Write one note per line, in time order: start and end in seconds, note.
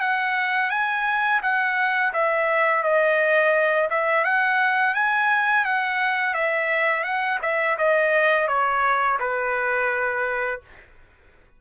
0.00 0.70 F#5
0.70 1.41 G#5
1.42 2.13 F#5
2.13 2.83 E5
2.83 3.89 D#5
3.90 4.24 E5
4.24 4.94 F#5
4.94 5.65 G#5
5.65 6.34 F#5
6.34 7.03 E5
7.03 7.39 F#5
7.42 7.77 E5
7.78 8.48 D#5
8.48 9.18 C#5
9.20 10.61 B4